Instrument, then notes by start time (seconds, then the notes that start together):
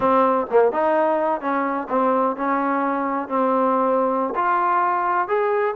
trombone
0.00 C4
0.50 A#3
0.72 D#4
1.40 C#4
1.89 C4
2.36 C#4
3.28 C4
4.35 F4
5.27 G#4